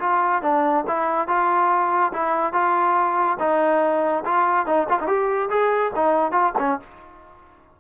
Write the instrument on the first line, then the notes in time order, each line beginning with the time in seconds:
trombone
0.00 F4
0.43 D4
0.88 E4
1.28 F4
2.13 E4
2.53 F4
3.40 D#4
4.25 F4
4.67 D#4
4.89 F4
5.01 D#4
5.07 G4
5.50 G#4
5.95 D#4
6.32 F4
6.59 C#4